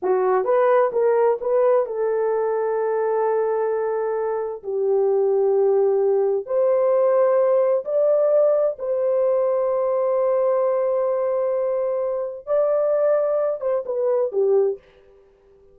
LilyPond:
\new Staff \with { instrumentName = "horn" } { \time 4/4 \tempo 4 = 130 fis'4 b'4 ais'4 b'4 | a'1~ | a'2 g'2~ | g'2 c''2~ |
c''4 d''2 c''4~ | c''1~ | c''2. d''4~ | d''4. c''8 b'4 g'4 | }